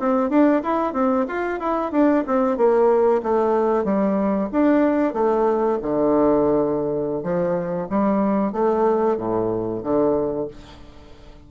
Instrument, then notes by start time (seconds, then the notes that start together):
bassoon
0.00 C4
0.30 D4
0.63 E4
0.94 C4
1.28 F4
1.60 E4
1.92 D4
2.27 C4
2.57 A#3
3.23 A3
3.84 G3
4.52 D4
5.14 A3
5.82 D3
7.23 F3
7.90 G3
8.53 A3
9.17 A2
9.84 D3